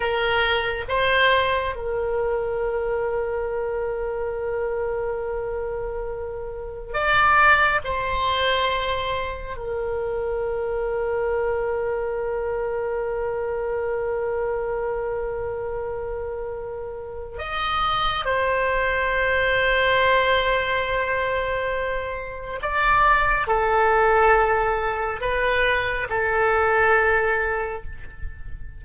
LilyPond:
\new Staff \with { instrumentName = "oboe" } { \time 4/4 \tempo 4 = 69 ais'4 c''4 ais'2~ | ais'1 | d''4 c''2 ais'4~ | ais'1~ |
ais'1 | dis''4 c''2.~ | c''2 d''4 a'4~ | a'4 b'4 a'2 | }